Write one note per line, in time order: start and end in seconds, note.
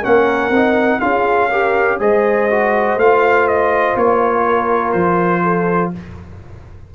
0.00 0.50 A#3
0.00 0.51 C#4
0.00 0.98 A#4
0.00 1.00 F#5
0.50 0.99 C4
0.50 1.01 D#4
1.00 1.99 C#4
1.00 1.50 F4
1.00 1.49 G#4
1.00 1.98 F5
1.49 2.00 G4
1.49 1.98 A#4
1.99 2.96 G#3
1.99 2.49 G#4
1.99 4.44 C5
1.99 2.99 D#5
2.50 2.99 F#4
2.96 3.94 A3
2.96 5.95 F4
2.96 3.48 F5
3.48 3.97 D#5
3.96 4.94 A#3
3.96 4.92 C#5
4.44 5.43 A#4
4.92 5.92 F3
4.92 5.91 C5
5.43 5.92 A4